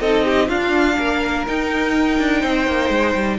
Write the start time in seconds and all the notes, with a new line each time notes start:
0.00 C4 D#4 A4 D#5
0.23 G4
0.48 D4 F4 F5
0.96 A#3 A#4
1.47 D#4 G5
2.19 D4
2.40 C4 C5
2.67 A#3
2.89 G#3
3.14 G3